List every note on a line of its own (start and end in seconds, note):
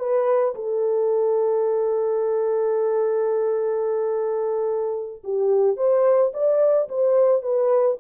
0.00 0.55 B4
0.55 5.23 A4
5.24 5.77 G4
5.77 6.32 C5
6.34 6.89 D5
6.89 7.43 C5
7.43 7.98 B4